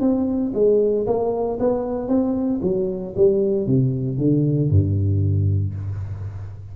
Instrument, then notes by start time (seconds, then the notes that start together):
tuba
0.00 C4
0.54 G#3
1.06 A#3
1.59 B3
2.08 C4
2.62 F#3
3.16 G3
3.66 C3
4.18 D3
4.70 G2